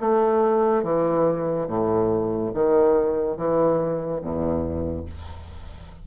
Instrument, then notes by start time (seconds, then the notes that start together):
bassoon
0.00 A3
0.83 E3
1.68 A2
2.54 D#3
3.37 E3
4.21 E2